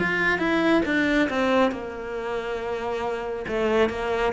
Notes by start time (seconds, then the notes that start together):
0.00 F4
0.39 E4
0.86 D4
1.30 C4
1.72 A#3
3.48 A3
3.90 A#3